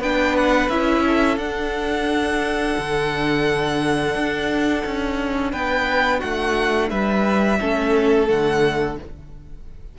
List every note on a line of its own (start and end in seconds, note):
0.00 0.69 B3
0.00 0.72 D4
0.00 1.04 B4
0.00 0.37 G5
0.37 0.70 F#5
0.70 1.38 C#4
0.70 1.39 E4
0.70 1.39 E5
1.07 5.52 A4
1.38 2.76 D4
1.38 7.59 D4
1.38 5.52 F#5
2.78 4.15 D3
4.15 4.84 D4
4.86 5.53 C#4
5.52 6.22 B3
5.52 6.19 B4
5.52 6.20 G5
6.19 6.91 A3
6.19 6.88 F#4
6.19 6.89 F#5
6.91 7.60 G3
6.91 7.60 B4
6.91 8.28 E5
7.60 8.30 A3
7.60 8.27 C#4
7.60 8.98 A4
8.27 8.99 D3
8.27 8.96 A3
8.27 8.97 F#5